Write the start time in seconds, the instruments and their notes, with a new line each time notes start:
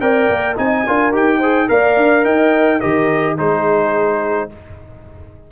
0.00 tuba C4, trombone A#4, horn D5, trumpet G5
0.29 tuba A#3
0.56 tuba C4, trombone D#4, horn D#5, trumpet G#5
0.87 tuba D4, trombone F4, horn A#4
1.12 tuba D#4, trombone G4, trumpet G5
1.38 trombone G#4, horn C5
1.68 tuba A#3, trombone A#4, horn D5, trumpet F5
1.96 tuba D4
2.24 tuba D#4, horn D#5, trumpet G5
2.80 tuba D#3, trombone G4, horn A#4, trumpet D#5
3.37 tuba G#3, trombone D#4, horn G#4, trumpet C5